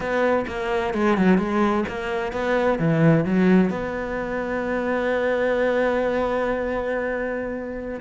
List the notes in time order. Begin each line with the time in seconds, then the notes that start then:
0.00 B3
0.47 A#3
0.94 G#3
1.17 F#3
1.37 G#3
1.88 A#3
2.32 B3
2.78 E3
3.24 F#3
3.70 B3